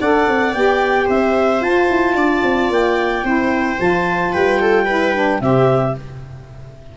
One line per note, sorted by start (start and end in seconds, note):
0.00 0.27 D4
0.00 0.54 A4
0.00 1.04 D5
0.00 0.53 F#5
0.27 0.53 C4
0.53 1.07 B3
0.53 1.62 G4
0.53 1.07 G5
1.04 1.61 C4
1.04 2.12 C5
1.04 1.62 E5
1.61 1.88 F4
1.61 3.24 F4
1.61 2.70 A5
1.89 2.15 E4
2.15 2.42 D4
2.15 3.24 D5
2.42 2.69 C4
2.69 3.23 A#3
2.69 3.80 G5
3.23 3.77 C4
3.23 3.78 E4
3.23 4.32 C5
3.78 4.33 F3
3.78 4.86 F4
3.78 4.33 A5
4.32 5.41 G3
4.32 4.59 B4
4.32 5.41 G5
4.60 4.85 A4
4.85 5.14 E4
4.85 5.39 B4
5.14 5.41 D4
5.41 5.95 C3
5.41 5.95 C4
5.41 5.97 G4
5.41 5.95 E5